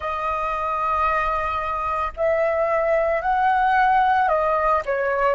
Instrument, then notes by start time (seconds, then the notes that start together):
flute
0.00 D#5
2.16 E5
3.21 F#5
4.28 D#5
4.85 C#5